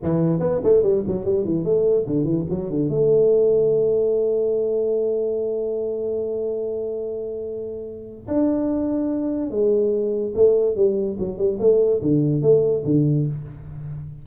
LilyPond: \new Staff \with { instrumentName = "tuba" } { \time 4/4 \tempo 4 = 145 e4 b8 a8 g8 fis8 g8 e8 | a4 d8 e8 fis8 d8 a4~ | a1~ | a1~ |
a1 | d'2. gis4~ | gis4 a4 g4 fis8 g8 | a4 d4 a4 d4 | }